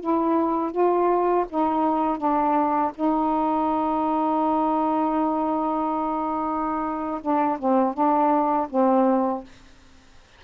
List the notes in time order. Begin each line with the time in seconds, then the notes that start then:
0.00 E4
0.71 F4
1.49 D#4
2.17 D4
2.95 D#4
7.21 D4
7.59 C4
7.93 D4
8.69 C4